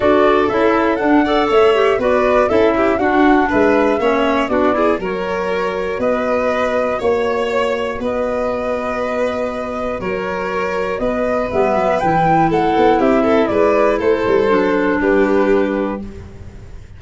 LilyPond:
<<
  \new Staff \with { instrumentName = "flute" } { \time 4/4 \tempo 4 = 120 d''4 e''4 fis''4 e''4 | d''4 e''4 fis''4 e''4~ | e''4 d''4 cis''2 | dis''2 cis''2 |
dis''1 | cis''2 dis''4 e''4 | g''4 fis''4 e''4 d''4 | c''2 b'2 | }
  \new Staff \with { instrumentName = "violin" } { \time 4/4 a'2~ a'8 d''8 cis''4 | b'4 a'8 g'8 fis'4 b'4 | cis''4 fis'8 gis'8 ais'2 | b'2 cis''2 |
b'1 | ais'2 b'2~ | b'4 a'4 g'8 a'8 b'4 | a'2 g'2 | }
  \new Staff \with { instrumentName = "clarinet" } { \time 4/4 fis'4 e'4 d'8 a'4 g'8 | fis'4 e'4 d'2 | cis'4 d'8 e'8 fis'2~ | fis'1~ |
fis'1~ | fis'2. b4 | e'1~ | e'4 d'2. | }
  \new Staff \with { instrumentName = "tuba" } { \time 4/4 d'4 cis'4 d'4 a4 | b4 cis'4 d'4 gis4 | ais4 b4 fis2 | b2 ais2 |
b1 | fis2 b4 g8 fis8 | e4 a8 b8 c'4 gis4 | a8 g8 fis4 g2 | }
>>